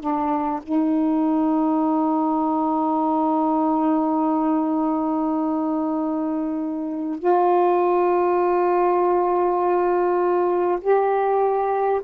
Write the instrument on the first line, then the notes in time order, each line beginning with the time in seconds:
saxophone
0.00 D4
0.62 D#4
7.18 F4
10.81 G4